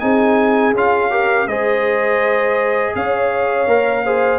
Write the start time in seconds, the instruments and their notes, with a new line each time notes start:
0.00 tuba C4, trombone D#4, horn G#4, trumpet G#5
0.74 tuba C#4, trombone F4, trumpet F5
1.10 trombone G4, horn A#4
1.47 tuba G#3, trombone G#4, horn C5, trumpet D#5
2.95 tuba C#4, horn C#5, trumpet F5
3.66 tuba A#3, trombone A#4
4.05 trombone G#4, horn C5